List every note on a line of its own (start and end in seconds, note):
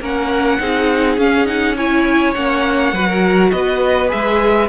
0.00 0.59 A#3
0.00 0.60 C#4
0.00 0.60 A#4
0.00 1.19 F#5
0.60 1.17 C4
0.60 1.17 D#4
0.60 1.77 G#4
1.17 1.45 C#4
1.17 2.35 C#4
1.17 1.47 F5
1.45 1.75 D#4
1.45 1.76 F#5
1.77 2.35 E4
1.77 2.94 C#5
1.77 2.34 G#5
2.34 2.93 A#3
2.34 2.94 C#4
2.34 3.51 F#5
2.93 3.51 F#3
2.93 4.08 F#4
2.93 3.07 B4
3.07 3.51 A#4
3.51 4.12 B3
3.51 4.69 B4
3.51 4.10 D#5
4.08 4.69 G#3
4.08 4.67 G#4
4.08 4.69 E5